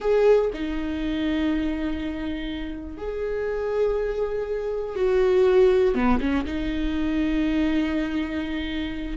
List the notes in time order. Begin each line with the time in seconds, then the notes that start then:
0.00 G#4
0.53 D#4
2.97 G#4
4.95 F#4
5.94 B3
6.20 C#4
6.45 D#4